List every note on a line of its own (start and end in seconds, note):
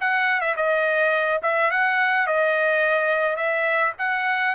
0.00 0.41 F#5
0.41 0.55 E5
0.56 1.41 D#5
1.42 1.70 E5
1.71 2.26 F#5
2.26 3.36 D#5
3.36 3.93 E5
3.98 4.55 F#5